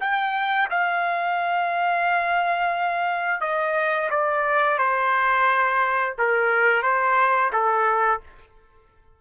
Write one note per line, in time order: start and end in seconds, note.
0.00 0.68 G5
0.70 3.41 F5
3.41 4.09 D#5
4.10 4.78 D5
4.78 6.15 C5
6.18 6.83 A#4
6.83 7.51 C5
7.52 8.21 A4